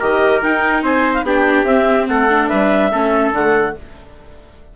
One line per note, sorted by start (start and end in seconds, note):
0.00 0.43 D#3
0.00 0.43 G4
0.00 0.83 A#4
0.00 0.42 D#5
0.43 0.83 D#4
0.43 1.26 D#4
0.43 0.84 G5
0.83 1.23 C4
0.83 1.25 C5
0.83 1.14 G#5
1.14 1.25 F5
1.23 1.64 B3
1.23 1.67 D4
1.23 2.10 G4
1.23 1.65 G5
1.64 2.06 C4
1.64 2.29 C4
1.64 2.07 E5
2.08 2.50 A3
2.08 2.49 A4
2.08 2.48 F#5
2.30 2.92 D4
2.48 2.93 G3
2.48 2.91 B4
2.48 3.32 E5
2.92 3.32 A3
2.92 3.34 C#4
2.92 3.76 A4
3.32 3.74 D3
3.32 3.77 A3
3.32 3.76 F#5